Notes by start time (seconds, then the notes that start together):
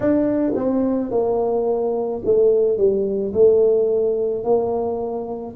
0.00 D4
0.55 C4
1.11 A#3
2.24 A3
2.77 G3
3.33 A3
4.43 A#3